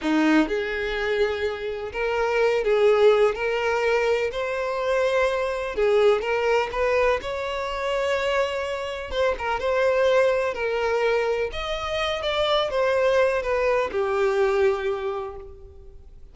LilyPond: \new Staff \with { instrumentName = "violin" } { \time 4/4 \tempo 4 = 125 dis'4 gis'2. | ais'4. gis'4. ais'4~ | ais'4 c''2. | gis'4 ais'4 b'4 cis''4~ |
cis''2. c''8 ais'8 | c''2 ais'2 | dis''4. d''4 c''4. | b'4 g'2. | }